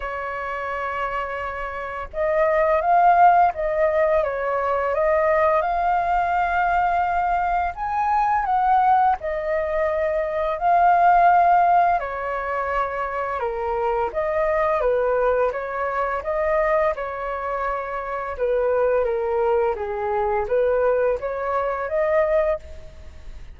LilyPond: \new Staff \with { instrumentName = "flute" } { \time 4/4 \tempo 4 = 85 cis''2. dis''4 | f''4 dis''4 cis''4 dis''4 | f''2. gis''4 | fis''4 dis''2 f''4~ |
f''4 cis''2 ais'4 | dis''4 b'4 cis''4 dis''4 | cis''2 b'4 ais'4 | gis'4 b'4 cis''4 dis''4 | }